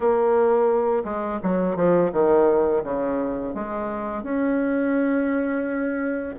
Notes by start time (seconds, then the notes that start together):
0.00 A#3
1.04 G#3
1.42 F#3
1.76 F3
2.12 D#3
2.83 C#3
3.54 G#3
4.23 C#4